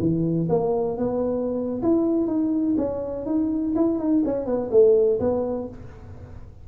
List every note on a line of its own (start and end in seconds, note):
0.00 0.48 E3
0.49 0.97 A#3
0.97 1.82 B3
1.82 2.27 E4
2.27 2.75 D#4
2.77 3.26 C#4
3.26 3.74 D#4
3.75 3.99 E4
3.99 4.23 D#4
4.25 4.46 C#4
4.46 4.70 B3
4.71 5.19 A3
5.20 5.68 B3